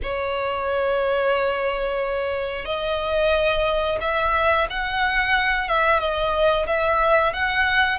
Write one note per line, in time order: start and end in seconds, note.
0.02 2.65 C#5
2.65 3.98 D#5
4.00 4.67 E5
4.70 5.68 F#5
5.68 5.99 E5
5.99 6.66 D#5
6.67 7.33 E5
7.33 7.98 F#5